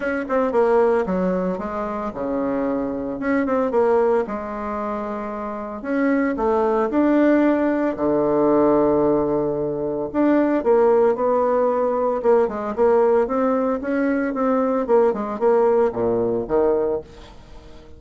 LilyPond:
\new Staff \with { instrumentName = "bassoon" } { \time 4/4 \tempo 4 = 113 cis'8 c'8 ais4 fis4 gis4 | cis2 cis'8 c'8 ais4 | gis2. cis'4 | a4 d'2 d4~ |
d2. d'4 | ais4 b2 ais8 gis8 | ais4 c'4 cis'4 c'4 | ais8 gis8 ais4 ais,4 dis4 | }